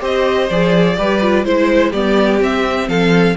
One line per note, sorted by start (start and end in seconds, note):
0.00 0.49 C4
0.00 0.48 G4
0.00 0.96 C5
0.00 0.49 D#5
0.49 0.97 F3
0.49 0.96 G#4
0.49 1.44 D5
0.96 1.44 G3
0.96 1.20 G4
0.96 1.45 B4
1.21 1.45 F4
1.44 1.92 G#3
1.44 1.92 E4
1.44 1.92 C5
1.44 1.90 C5
1.90 2.40 G3
1.90 2.39 B3
1.90 2.85 G4
1.90 2.39 D5
2.39 3.35 C4
2.39 2.87 C4
2.39 2.88 E5
2.87 3.35 F3
2.87 3.36 A4
2.87 3.36 F5